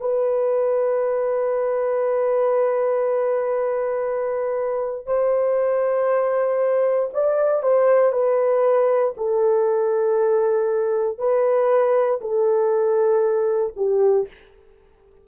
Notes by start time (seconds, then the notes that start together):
0.00 B4
5.06 C5
7.13 D5
7.62 C5
8.12 B4
9.17 A4
11.18 B4
12.20 A4
13.76 G4